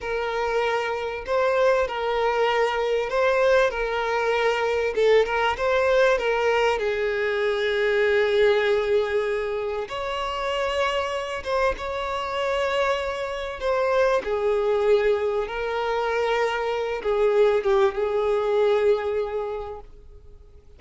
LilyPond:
\new Staff \with { instrumentName = "violin" } { \time 4/4 \tempo 4 = 97 ais'2 c''4 ais'4~ | ais'4 c''4 ais'2 | a'8 ais'8 c''4 ais'4 gis'4~ | gis'1 |
cis''2~ cis''8 c''8 cis''4~ | cis''2 c''4 gis'4~ | gis'4 ais'2~ ais'8 gis'8~ | gis'8 g'8 gis'2. | }